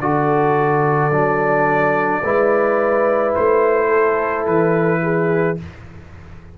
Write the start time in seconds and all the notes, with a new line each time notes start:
0.00 D3 F#4 A4 D5
1.11 F#3 D4
2.23 G#3 E4 B4
3.35 A3 C5
3.88 A4
4.47 E3 B4
5.03 G#4